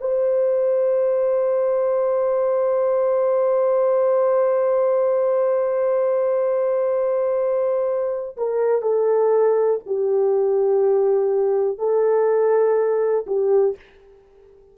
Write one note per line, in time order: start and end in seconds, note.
0.00 8.36 C5
8.37 8.82 A#4
8.82 9.80 A4
9.86 11.78 G4
11.78 13.26 A4
13.26 13.75 G4